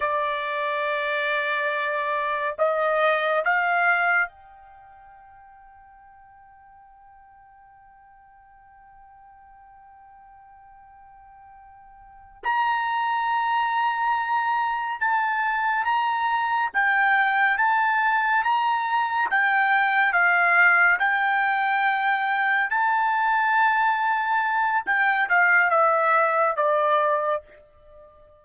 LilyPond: \new Staff \with { instrumentName = "trumpet" } { \time 4/4 \tempo 4 = 70 d''2. dis''4 | f''4 g''2.~ | g''1~ | g''2~ g''8 ais''4.~ |
ais''4. a''4 ais''4 g''8~ | g''8 a''4 ais''4 g''4 f''8~ | f''8 g''2 a''4.~ | a''4 g''8 f''8 e''4 d''4 | }